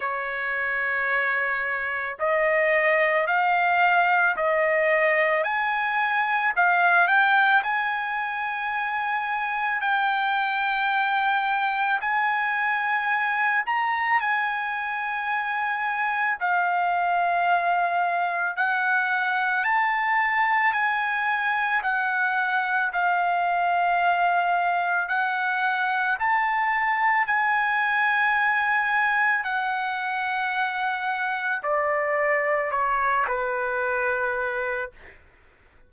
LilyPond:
\new Staff \with { instrumentName = "trumpet" } { \time 4/4 \tempo 4 = 55 cis''2 dis''4 f''4 | dis''4 gis''4 f''8 g''8 gis''4~ | gis''4 g''2 gis''4~ | gis''8 ais''8 gis''2 f''4~ |
f''4 fis''4 a''4 gis''4 | fis''4 f''2 fis''4 | a''4 gis''2 fis''4~ | fis''4 d''4 cis''8 b'4. | }